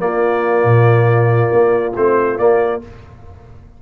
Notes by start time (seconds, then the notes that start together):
0.00 A#3 F4 D5
0.65 A#2
1.53 A#3
1.96 A3 C4 C5
2.38 A#3 D5